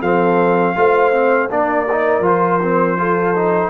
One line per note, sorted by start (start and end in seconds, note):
0.00 0.75 F3
0.00 0.75 C4
0.00 0.74 A4
0.00 1.50 F5
0.75 1.50 A3
0.75 1.12 F4
0.75 1.51 C5
1.12 1.49 C4
1.50 2.20 A#3
1.50 1.87 D4
1.50 2.99 A#4
1.50 2.25 D5
1.91 2.23 D#4
2.20 3.68 F3
2.20 2.60 F4
2.26 3.70 C5
2.62 2.98 C4
2.98 3.35 F4
2.98 3.70 A4
3.36 3.70 D#4